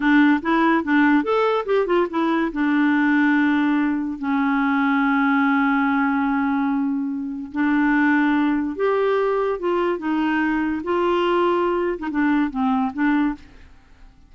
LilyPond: \new Staff \with { instrumentName = "clarinet" } { \time 4/4 \tempo 4 = 144 d'4 e'4 d'4 a'4 | g'8 f'8 e'4 d'2~ | d'2 cis'2~ | cis'1~ |
cis'2 d'2~ | d'4 g'2 f'4 | dis'2 f'2~ | f'8. dis'16 d'4 c'4 d'4 | }